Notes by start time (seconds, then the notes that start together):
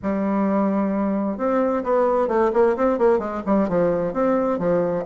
0.02 G3
1.37 C4
1.83 B3
2.28 A3
2.53 A#3
2.76 C4
2.98 A#3
3.19 G#3
3.46 G3
3.68 F3
4.13 C4
4.58 F3